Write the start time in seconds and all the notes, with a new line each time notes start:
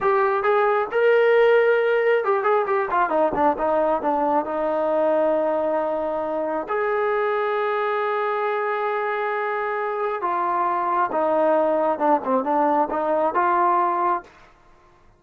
0.00 G4
0.43 G#4
0.91 A#4
2.24 G4
2.43 G#4
2.66 G4
2.91 F4
3.09 D#4
3.34 D4
3.58 D#4
4.02 D4
4.45 D#4
6.68 G#4
10.21 F4
11.12 D#4
11.98 D4
12.24 C4
12.44 D4
12.90 D#4
13.34 F4